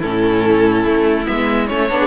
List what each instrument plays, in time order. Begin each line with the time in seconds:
0.00 cello A2, viola C#4, violin E4 A4
0.85 cello A3
1.26 cello G#3, viola B3, violin E5
1.67 cello A3, viola C#4, violin C#5
1.88 cello B3, viola D4, violin A4
1.99 violin G#4